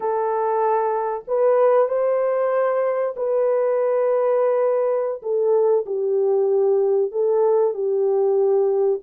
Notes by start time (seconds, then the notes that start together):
0.00 A4
1.27 B4
1.88 C5
3.16 B4
5.22 A4
5.86 G4
7.11 A4
7.73 G4